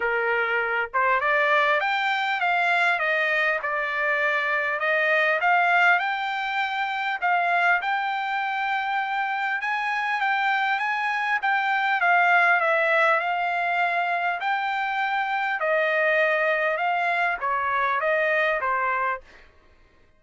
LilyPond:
\new Staff \with { instrumentName = "trumpet" } { \time 4/4 \tempo 4 = 100 ais'4. c''8 d''4 g''4 | f''4 dis''4 d''2 | dis''4 f''4 g''2 | f''4 g''2. |
gis''4 g''4 gis''4 g''4 | f''4 e''4 f''2 | g''2 dis''2 | f''4 cis''4 dis''4 c''4 | }